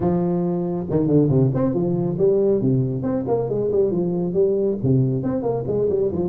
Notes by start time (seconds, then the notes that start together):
0.00 F3
0.90 D#3
1.07 D3
1.29 C3
1.54 C4
1.74 F3
2.18 G3
2.61 C3
3.02 C4
3.27 A#3
3.49 G#3
3.71 G3
3.91 F3
4.33 G3
4.83 C3
5.23 C4
5.42 A#3
5.67 G#3
5.89 G3
6.11 F3